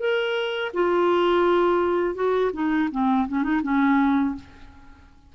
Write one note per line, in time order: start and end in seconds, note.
0.00 0.72 A#4
0.74 2.15 F4
2.15 2.51 F#4
2.54 2.90 D#4
2.92 3.28 C4
3.29 3.44 C#4
3.44 3.62 D#4
3.63 4.35 C#4